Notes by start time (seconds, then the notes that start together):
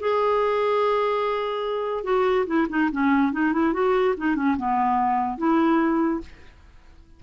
0.00 G#4
2.04 F#4
2.47 E4
2.70 D#4
2.92 C#4
3.33 D#4
3.53 E4
3.73 F#4
4.18 D#4
4.36 C#4
4.57 B3
5.38 E4